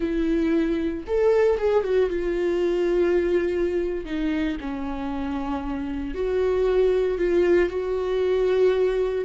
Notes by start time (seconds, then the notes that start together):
0.00 E4
1.07 A4
1.58 G#4
1.83 F#4
2.09 F4
4.05 D#4
4.60 C#4
6.14 F#4
7.17 F4
7.69 F#4